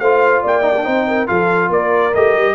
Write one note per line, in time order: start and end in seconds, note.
0.00 0.43 A3
0.00 0.62 F4
0.00 0.43 C5
0.00 0.43 F5
0.43 0.87 A#3
0.43 0.85 D5
0.43 1.28 G5
0.62 0.73 D#4
0.77 0.84 D4
0.84 1.30 C4
0.84 1.27 D#4
0.84 1.06 C5
1.08 1.29 A#4
1.27 1.70 F3
1.27 2.12 F4
1.27 1.70 A4
1.27 1.70 F5
1.70 2.13 A#3
1.70 2.55 A#4
1.70 2.15 D5
2.15 2.35 A3
2.15 2.55 G4
2.15 2.55 D#5
2.35 2.55 G3